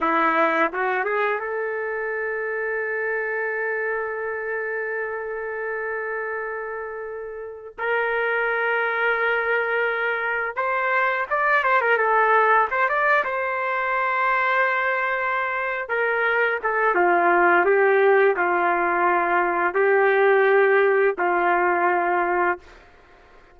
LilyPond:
\new Staff \with { instrumentName = "trumpet" } { \time 4/4 \tempo 4 = 85 e'4 fis'8 gis'8 a'2~ | a'1~ | a'2. ais'4~ | ais'2. c''4 |
d''8 c''16 ais'16 a'4 c''16 d''8 c''4~ c''16~ | c''2~ c''8 ais'4 a'8 | f'4 g'4 f'2 | g'2 f'2 | }